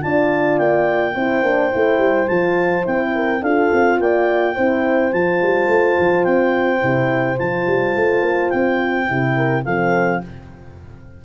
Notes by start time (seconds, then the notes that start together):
0.00 D4 F4 D5 A5
0.58 A#3 G5
1.14 C4 E4 C5
1.42 A#3 D4
1.71 A3 E4
1.98 G3
2.27 F3 F4 A5
2.83 C4 E4 G5
3.15 A#4
3.41 D4 F4 A4 F5
3.72 C4
3.99 A#3 D5 G5
4.54 C4 E4 C5
5.12 F3 F4 A5
5.42 G3
5.67 A3
5.98 F3
6.24 C4 G5
6.79 C3 E4
7.38 F3 F4 A5
7.66 G3
7.95 A3
8.22 A#3
8.49 C4 G5
9.07 C3 E4
9.36 A#4
9.64 F3 C4 A4 F5